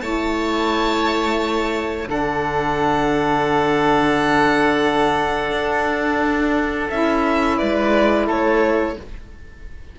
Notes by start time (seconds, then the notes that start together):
0.00 A3 E4 C#5 A5
2.06 D3 D4 A4 F#5
5.51 D4
6.90 C#4 E4 E5
7.58 G#3 B4 D5
8.27 A3 A4 C#5